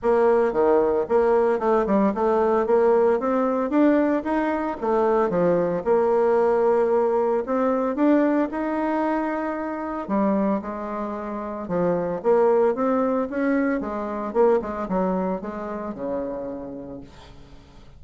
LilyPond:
\new Staff \with { instrumentName = "bassoon" } { \time 4/4 \tempo 4 = 113 ais4 dis4 ais4 a8 g8 | a4 ais4 c'4 d'4 | dis'4 a4 f4 ais4~ | ais2 c'4 d'4 |
dis'2. g4 | gis2 f4 ais4 | c'4 cis'4 gis4 ais8 gis8 | fis4 gis4 cis2 | }